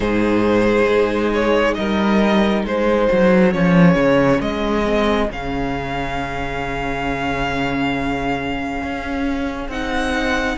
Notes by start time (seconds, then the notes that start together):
0.00 G#2 D#4 G#4 C5
0.88 G#3
1.34 C#5
1.74 G3 A#4 D#5
2.64 G#3 G#4 C5
3.12 F#3
3.50 F3 C#4 C#5
3.95 C#3
4.40 G#3 D#5
4.84 C4
5.29 C#3 C#4 F5
8.83 C#4
9.68 C4 D#4 F#5